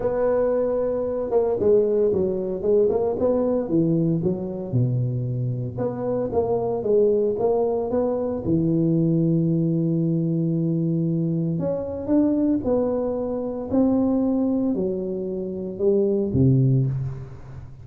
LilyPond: \new Staff \with { instrumentName = "tuba" } { \time 4/4 \tempo 4 = 114 b2~ b8 ais8 gis4 | fis4 gis8 ais8 b4 e4 | fis4 b,2 b4 | ais4 gis4 ais4 b4 |
e1~ | e2 cis'4 d'4 | b2 c'2 | fis2 g4 c4 | }